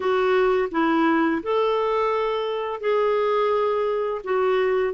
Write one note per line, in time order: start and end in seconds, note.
0.00 0.69 F#4
0.71 1.41 E4
1.42 2.80 A4
2.80 4.21 G#4
4.24 4.93 F#4